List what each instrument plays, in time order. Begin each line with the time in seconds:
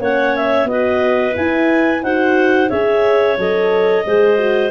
0.00 tuba A#3, horn C#4, clarinet C#5 F#5
0.36 clarinet E5
0.65 tuba B3, horn F#4, clarinet D#5
0.71 clarinet B4
1.32 horn E4, tuba E4, clarinet G#5
2.03 tuba D#4, horn F#4, clarinet C5 F#5
2.69 tuba C#4, horn G#4, clarinet C#5 E5
3.38 tuba F#3, horn A4, clarinet D#5
4.06 tuba G#3, horn G#4, clarinet C5
4.38 horn F#4